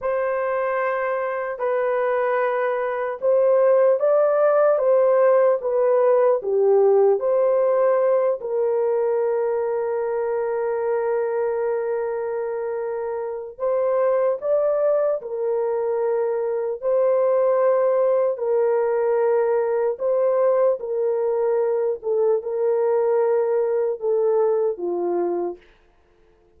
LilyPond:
\new Staff \with { instrumentName = "horn" } { \time 4/4 \tempo 4 = 75 c''2 b'2 | c''4 d''4 c''4 b'4 | g'4 c''4. ais'4.~ | ais'1~ |
ais'4 c''4 d''4 ais'4~ | ais'4 c''2 ais'4~ | ais'4 c''4 ais'4. a'8 | ais'2 a'4 f'4 | }